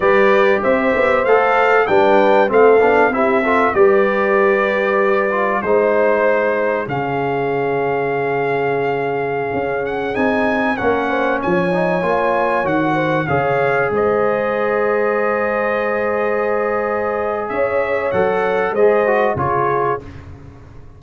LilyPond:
<<
  \new Staff \with { instrumentName = "trumpet" } { \time 4/4 \tempo 4 = 96 d''4 e''4 f''4 g''4 | f''4 e''4 d''2~ | d''4 c''2 f''4~ | f''2.~ f''8. fis''16~ |
fis''16 gis''4 fis''4 gis''4.~ gis''16~ | gis''16 fis''4 f''4 dis''4.~ dis''16~ | dis''1 | e''4 fis''4 dis''4 cis''4 | }
  \new Staff \with { instrumentName = "horn" } { \time 4/4 b'4 c''2 b'4 | a'4 g'8 a'8 b'2~ | b'4 c''2 gis'4~ | gis'1~ |
gis'4~ gis'16 ais'8 c''8 cis''4.~ cis''16~ | cis''8. c''8 cis''4 c''4.~ c''16~ | c''1 | cis''2 c''4 gis'4 | }
  \new Staff \with { instrumentName = "trombone" } { \time 4/4 g'2 a'4 d'4 | c'8 d'8 e'8 f'8 g'2~ | g'8 f'8 dis'2 cis'4~ | cis'1~ |
cis'16 dis'4 cis'4. dis'8 f'8.~ | f'16 fis'4 gis'2~ gis'8.~ | gis'1~ | gis'4 a'4 gis'8 fis'8 f'4 | }
  \new Staff \with { instrumentName = "tuba" } { \time 4/4 g4 c'8 b8 a4 g4 | a8 b8 c'4 g2~ | g4 gis2 cis4~ | cis2.~ cis16 cis'8.~ |
cis'16 c'4 ais4 f4 ais8.~ | ais16 dis4 cis4 gis4.~ gis16~ | gis1 | cis'4 fis4 gis4 cis4 | }
>>